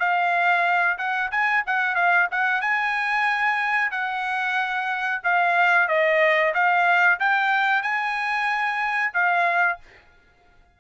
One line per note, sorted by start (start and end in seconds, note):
0.00 0.98 F5
0.98 1.31 F#5
1.32 1.64 G#5
1.67 1.95 F#5
1.95 2.28 F5
2.32 2.62 F#5
2.62 3.91 G#5
3.91 5.22 F#5
5.24 5.88 F5
5.88 6.54 D#5
6.54 7.19 F5
7.20 7.83 G5
7.83 9.13 G#5
9.14 9.79 F5